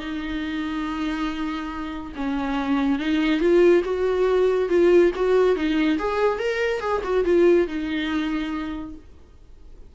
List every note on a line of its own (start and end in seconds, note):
0.00 2.13 D#4
2.16 2.99 C#4
2.99 3.40 D#4
3.40 3.83 F4
3.84 4.69 F#4
4.69 5.12 F4
5.15 5.56 F#4
5.56 5.98 D#4
5.99 6.39 G#4
6.39 6.80 A#4
6.80 7.02 G#4
7.04 7.25 F#4
7.25 7.67 F4
7.67 8.95 D#4